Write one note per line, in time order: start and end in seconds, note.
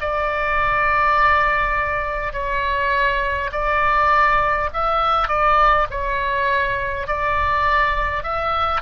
0.00 2.33 D5
2.33 3.50 C#5
3.52 4.70 D5
4.73 5.28 E5
5.28 5.87 D5
5.90 7.07 C#5
7.07 8.23 D5
8.23 8.81 E5